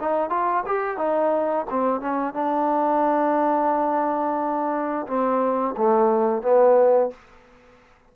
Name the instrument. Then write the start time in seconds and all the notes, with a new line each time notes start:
trombone
0.00 D#4
0.30 F4
0.66 G4
0.98 D#4
1.70 C4
2.01 C#4
2.34 D4
5.07 C4
5.77 A3
6.42 B3